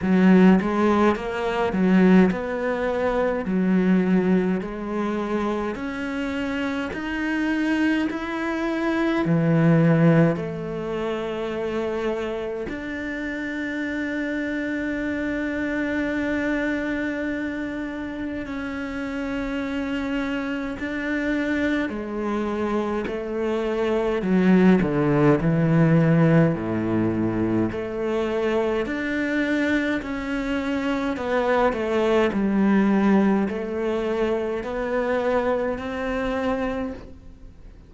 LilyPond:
\new Staff \with { instrumentName = "cello" } { \time 4/4 \tempo 4 = 52 fis8 gis8 ais8 fis8 b4 fis4 | gis4 cis'4 dis'4 e'4 | e4 a2 d'4~ | d'1 |
cis'2 d'4 gis4 | a4 fis8 d8 e4 a,4 | a4 d'4 cis'4 b8 a8 | g4 a4 b4 c'4 | }